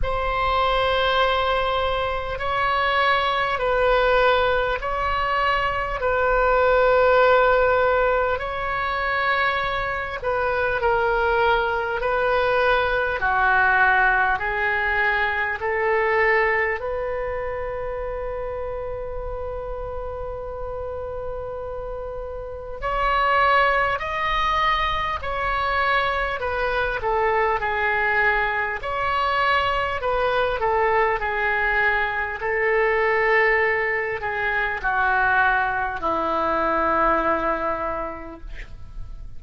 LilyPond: \new Staff \with { instrumentName = "oboe" } { \time 4/4 \tempo 4 = 50 c''2 cis''4 b'4 | cis''4 b'2 cis''4~ | cis''8 b'8 ais'4 b'4 fis'4 | gis'4 a'4 b'2~ |
b'2. cis''4 | dis''4 cis''4 b'8 a'8 gis'4 | cis''4 b'8 a'8 gis'4 a'4~ | a'8 gis'8 fis'4 e'2 | }